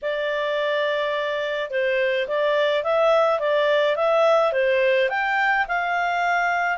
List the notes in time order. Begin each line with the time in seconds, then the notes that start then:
0.02 D5
1.70 C5
2.27 D5
2.83 E5
3.39 D5
3.96 E5
4.52 C5
5.09 G5
5.68 F5